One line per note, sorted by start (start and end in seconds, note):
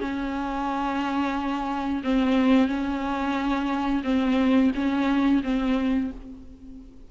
0.00 2.02 C#4
2.03 2.67 C4
2.67 4.02 C#4
4.03 4.71 C4
4.74 5.42 C#4
5.43 6.10 C4